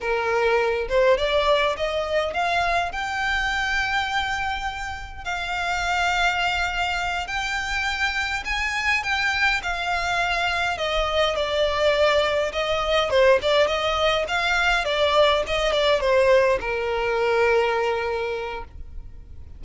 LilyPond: \new Staff \with { instrumentName = "violin" } { \time 4/4 \tempo 4 = 103 ais'4. c''8 d''4 dis''4 | f''4 g''2.~ | g''4 f''2.~ | f''8 g''2 gis''4 g''8~ |
g''8 f''2 dis''4 d''8~ | d''4. dis''4 c''8 d''8 dis''8~ | dis''8 f''4 d''4 dis''8 d''8 c''8~ | c''8 ais'2.~ ais'8 | }